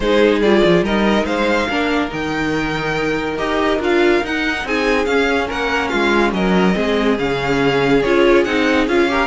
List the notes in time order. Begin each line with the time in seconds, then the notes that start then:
0.00 G#3 D#4 G#4 C5
0.40 G3 F4 D5
0.64 F3
0.82 G3 D#4 A#4 D#5
1.25 G#3 C5 F5
1.69 A#3 D4 A#4
2.08 D#3 D#4 G5
3.37 D#4 G4 D#5
3.79 D4 F4 F5
4.23 D#4 F#5
4.64 C4 G#4 G#5
5.05 C#4 F5
5.48 A#3 A#4 F#5
5.88 G#3 F4 F5
6.32 F#3 A#4 D#5
6.74 G#3 C4 G#4
7.18 C#3 C#4 F5
8.02 C#4 F4 C#5
8.44 C4 D#4 F#5
8.87 C#4 F4 F5
9.08 G4 A#4